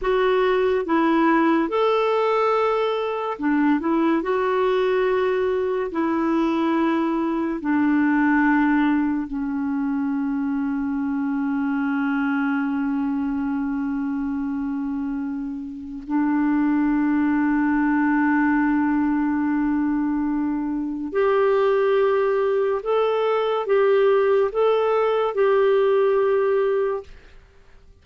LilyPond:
\new Staff \with { instrumentName = "clarinet" } { \time 4/4 \tempo 4 = 71 fis'4 e'4 a'2 | d'8 e'8 fis'2 e'4~ | e'4 d'2 cis'4~ | cis'1~ |
cis'2. d'4~ | d'1~ | d'4 g'2 a'4 | g'4 a'4 g'2 | }